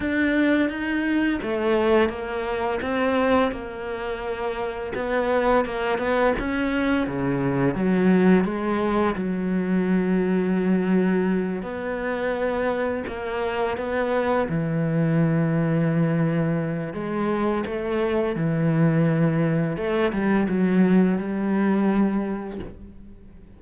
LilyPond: \new Staff \with { instrumentName = "cello" } { \time 4/4 \tempo 4 = 85 d'4 dis'4 a4 ais4 | c'4 ais2 b4 | ais8 b8 cis'4 cis4 fis4 | gis4 fis2.~ |
fis8 b2 ais4 b8~ | b8 e2.~ e8 | gis4 a4 e2 | a8 g8 fis4 g2 | }